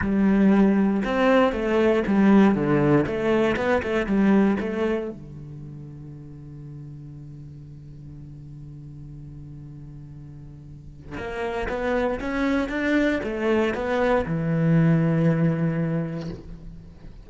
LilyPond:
\new Staff \with { instrumentName = "cello" } { \time 4/4 \tempo 4 = 118 g2 c'4 a4 | g4 d4 a4 b8 a8 | g4 a4 d2~ | d1~ |
d1~ | d2 ais4 b4 | cis'4 d'4 a4 b4 | e1 | }